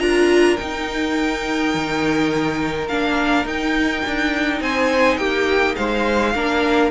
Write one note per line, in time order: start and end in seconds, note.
0.00 0.58 D4
0.00 0.58 F4
0.00 4.62 A#4
0.00 0.57 A#5
0.57 2.90 D#4
0.57 1.74 D#4
0.57 2.88 G5
1.74 2.89 D#3
2.89 3.45 A#3
2.89 3.46 D4
2.89 3.46 F5
3.45 4.03 D#4
3.45 6.34 D#4
3.45 4.62 G5
4.06 4.61 D4
4.61 5.18 C4
4.61 5.19 C5
4.61 5.18 G#5
5.18 5.75 A#3
5.18 5.77 G4
5.18 5.75 G5
5.76 6.35 G#3
5.76 6.34 C5
5.76 6.91 F5
6.35 6.92 A#3
6.35 6.92 D4
6.35 6.92 A#4